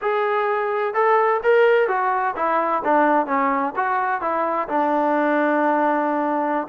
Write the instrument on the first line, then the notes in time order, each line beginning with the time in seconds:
trombone
0.01 G#4
0.94 A4
1.43 A#4
1.88 F#4
2.36 E4
2.84 D4
3.26 C#4
3.76 F#4
4.21 E4
4.68 D4